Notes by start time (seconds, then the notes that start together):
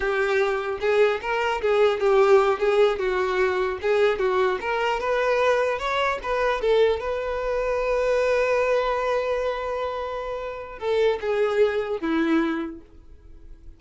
0.00 G4
0.80 G#4
1.21 A#4
1.61 G#4
1.99 G4
2.59 G#4
2.98 F#4
3.81 G#4
4.18 F#4
4.60 A#4
5.00 B4
5.78 C#5
6.22 B4
6.61 A4
7.00 B4
10.79 A4
11.21 G#4
12.00 E4